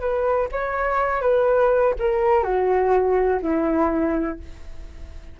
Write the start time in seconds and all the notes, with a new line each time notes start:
0.00 B4
0.52 C#5
1.21 B4
1.99 A#4
2.43 F#4
3.42 E4